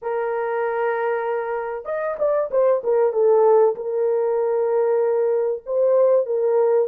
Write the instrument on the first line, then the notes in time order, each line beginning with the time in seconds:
horn
0.02 A#4
1.85 D#5
2.18 D5
2.50 C5
2.83 A#4
3.12 A4
3.75 A#4
5.66 C5
6.26 A#4